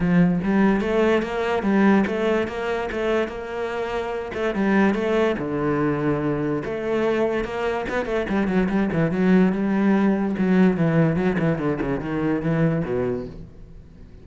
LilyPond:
\new Staff \with { instrumentName = "cello" } { \time 4/4 \tempo 4 = 145 f4 g4 a4 ais4 | g4 a4 ais4 a4 | ais2~ ais8 a8 g4 | a4 d2. |
a2 ais4 b8 a8 | g8 fis8 g8 e8 fis4 g4~ | g4 fis4 e4 fis8 e8 | d8 cis8 dis4 e4 b,4 | }